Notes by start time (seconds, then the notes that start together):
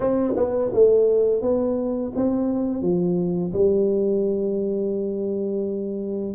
0.00 C4
0.36 B3
0.73 A3
1.41 B3
2.15 C4
2.82 F3
3.53 G3